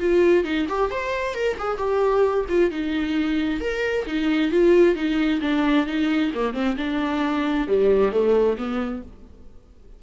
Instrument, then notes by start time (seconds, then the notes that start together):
viola
0.00 F4
0.44 D#4
0.69 G4
0.91 C5
1.34 A#4
1.59 G#4
1.78 G4
2.49 F4
2.71 D#4
3.61 A#4
4.06 D#4
4.51 F4
4.95 D#4
5.41 D4
5.86 D#4
6.34 A#3
6.54 C4
6.78 D4
7.68 G3
8.12 A3
8.58 B3